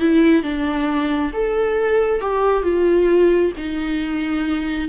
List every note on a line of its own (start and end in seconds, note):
0.00 0.43 E4
0.43 1.32 D4
1.34 2.21 A4
2.21 2.63 G4
2.63 3.52 F4
3.58 4.89 D#4